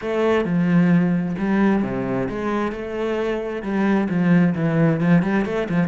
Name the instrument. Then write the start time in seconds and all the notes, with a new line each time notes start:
cello
0.01 A3
0.44 F3
1.38 G3
1.82 C3
2.29 G#3
2.71 A3
3.62 G3
4.09 F3
4.54 E3
5.00 F3
5.22 G3
5.45 A3
5.69 F3